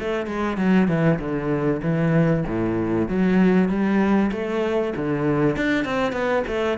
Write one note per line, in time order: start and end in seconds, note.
0.00 0.27 A3
0.27 0.58 G#3
0.58 0.88 F#3
0.88 1.19 E3
1.20 1.82 D3
1.83 2.45 E3
2.47 3.09 A2
3.09 3.69 F#3
3.69 4.31 G3
4.32 4.94 A3
4.96 5.57 D3
5.57 5.85 D4
5.85 6.13 C4
6.13 6.44 B3
6.48 6.78 A3